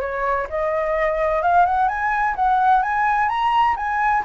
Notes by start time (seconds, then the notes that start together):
0.00 C#5
0.49 D#5
1.42 F5
1.65 F#5
1.88 G#5
2.35 F#5
2.82 G#5
3.28 A#5
3.76 G#5